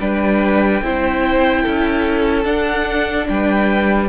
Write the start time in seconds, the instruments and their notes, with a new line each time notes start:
0.00 cello G3, viola D4, violin B4 G5
0.82 cello C4, viola E4, violin C5
1.62 cello C#4, violin A4
2.44 viola D4, cello D4, violin F#5
3.29 cello G3, violin B4 G5